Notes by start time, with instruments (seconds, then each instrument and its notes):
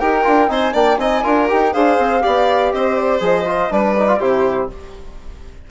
0.00 bassoon D#4, trombone G4, violin A#4, flute G5
0.24 bassoon D4, trombone F4
0.49 bassoon C4, trombone D#4, violin C5, flute G#5
0.73 bassoon A#3, trombone D4, violin D5, flute G5
0.98 bassoon C4, trombone D#4, violin D#5, flute G#5
1.24 bassoon D4, trombone F4, violin A#4
1.49 bassoon D#4, trombone G4, flute G5
1.73 bassoon D4, trombone G#4, violin C5, flute F5
1.99 bassoon C4
2.22 bassoon B3, trombone G4, violin D5
2.73 bassoon C4, violin C5, flute D#5
2.96 flute D5
3.21 bassoon F3, trombone G#4, flute D#5
3.46 trombone F4
3.70 bassoon G3, trombone D4, violin B4, flute D5
3.99 trombone D#4
4.08 trombone F4
4.19 bassoon C3, trombone E4, violin G4, flute C5